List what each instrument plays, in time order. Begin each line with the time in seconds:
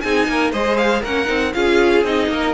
0.00 cello C4, viola D#4, violin G#4 G#5
0.27 cello A#3, violin A#4
0.52 cello G#3, viola G#4, violin C5 D#5
0.77 violin F5
1.01 cello A#3, viola C#4, violin A#4 F#5
1.25 cello C4, viola D#4
1.53 cello C#4, viola F4, violin G#4 F5
2.03 cello C4, viola D#4, violin D#5
2.27 cello A#3, violin A#4